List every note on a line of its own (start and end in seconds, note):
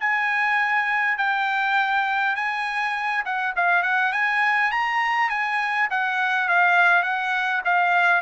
0.00 1.18 G#5
1.18 2.36 G5
2.36 3.24 G#5
3.25 3.55 F#5
3.56 3.83 F5
3.83 4.13 F#5
4.13 4.71 G#5
4.71 5.30 A#5
5.30 5.89 G#5
5.91 6.49 F#5
6.49 7.03 F5
7.03 7.62 F#5
7.65 8.22 F5